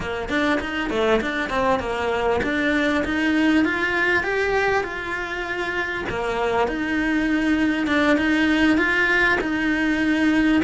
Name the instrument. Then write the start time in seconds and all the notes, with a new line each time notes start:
cello
0.00 A#3
0.29 D4
0.60 D#4
0.90 A3
1.21 D4
1.49 C4
1.79 A#3
2.43 D4
3.04 D#4
3.64 F4
4.23 G4
4.83 F4
6.09 A#3
6.67 D#4
7.87 D4
8.17 D#4
8.77 F4
9.40 D#4